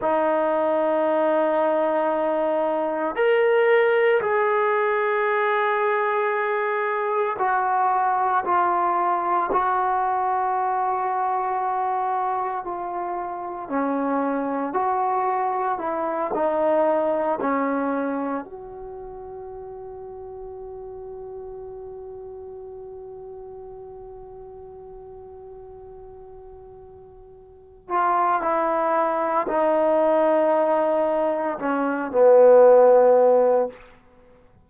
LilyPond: \new Staff \with { instrumentName = "trombone" } { \time 4/4 \tempo 4 = 57 dis'2. ais'4 | gis'2. fis'4 | f'4 fis'2. | f'4 cis'4 fis'4 e'8 dis'8~ |
dis'8 cis'4 fis'2~ fis'8~ | fis'1~ | fis'2~ fis'8 f'8 e'4 | dis'2 cis'8 b4. | }